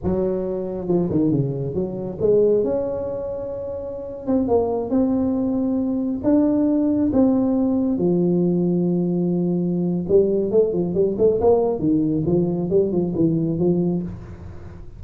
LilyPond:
\new Staff \with { instrumentName = "tuba" } { \time 4/4 \tempo 4 = 137 fis2 f8 dis8 cis4 | fis4 gis4 cis'2~ | cis'4.~ cis'16 c'8 ais4 c'8.~ | c'2~ c'16 d'4.~ d'16~ |
d'16 c'2 f4.~ f16~ | f2. g4 | a8 f8 g8 a8 ais4 dis4 | f4 g8 f8 e4 f4 | }